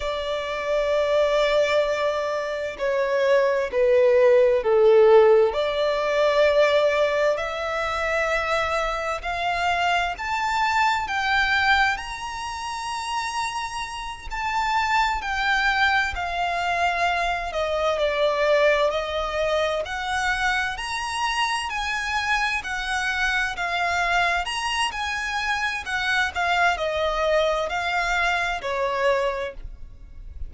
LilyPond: \new Staff \with { instrumentName = "violin" } { \time 4/4 \tempo 4 = 65 d''2. cis''4 | b'4 a'4 d''2 | e''2 f''4 a''4 | g''4 ais''2~ ais''8 a''8~ |
a''8 g''4 f''4. dis''8 d''8~ | d''8 dis''4 fis''4 ais''4 gis''8~ | gis''8 fis''4 f''4 ais''8 gis''4 | fis''8 f''8 dis''4 f''4 cis''4 | }